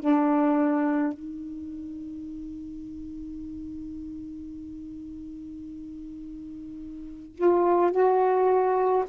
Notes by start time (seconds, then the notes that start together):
0.00 D4
1.13 D#4
7.35 F4
7.91 F#4